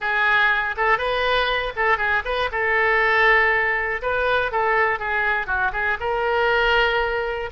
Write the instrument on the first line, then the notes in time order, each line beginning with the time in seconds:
oboe
0.00 G#4
0.76 A4
0.97 B4
1.76 A4
1.97 G#4
2.24 B4
2.51 A4
4.02 B4
4.51 A4
4.99 G#4
5.46 F#4
5.72 G#4
6.00 A#4